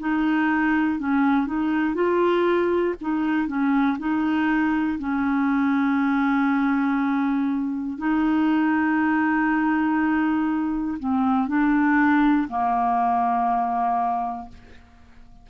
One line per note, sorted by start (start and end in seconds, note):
0.00 0.99 D#4
0.99 1.47 C#4
1.47 1.95 D#4
1.95 2.95 F4
3.01 3.48 D#4
3.48 3.98 C#4
3.99 4.99 D#4
4.99 7.98 C#4
7.98 10.98 D#4
10.99 11.48 C4
11.48 12.48 D4
12.49 14.49 A#3